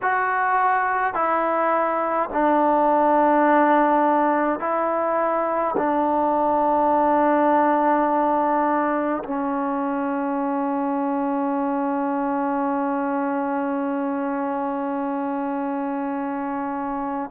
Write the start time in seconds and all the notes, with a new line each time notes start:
0.02 F#4
1.14 E4
2.32 D4
4.59 E4
5.77 D4
9.24 C#4